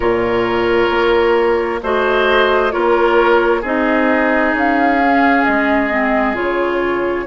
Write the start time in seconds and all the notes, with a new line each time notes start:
0.00 A#2 F4 A#4 C#5
0.90 A#3
1.82 A3 F#4 C5 D#5
2.70 A#3 F4 A#4 C#5
3.61 C4 D#4 G#4 D#5
4.53 C#4 F5
5.03 C#4
5.44 G#3 D#5
5.89 C4
6.34 C#3 F4 C#5